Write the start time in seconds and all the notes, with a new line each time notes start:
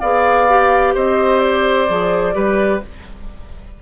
0.00 B3 G#4 D5 F5
0.49 G4
0.94 C4 C5 D#5
1.39 D5
1.88 F3 G#4
2.33 G3 G4 B4